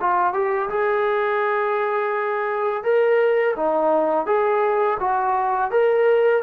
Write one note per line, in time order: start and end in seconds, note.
0.00 0.33 F4
0.33 0.69 G4
0.69 2.83 G#4
2.83 3.55 A#4
3.56 4.26 D#4
4.26 4.97 G#4
4.99 5.71 F#4
5.71 6.42 A#4